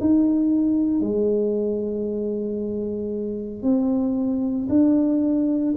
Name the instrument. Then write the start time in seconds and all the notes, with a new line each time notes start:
tuba
0.00 D#4
1.00 G#3
3.62 C4
4.69 D4